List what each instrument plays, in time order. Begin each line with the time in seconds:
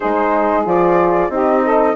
0.00 bassoon G#3, horn D#4, saxophone G#4, flute C5
0.64 bassoon F3, horn F4, flute D5
1.29 bassoon C4, horn D#4, saxophone G4, flute D#5
1.64 saxophone A4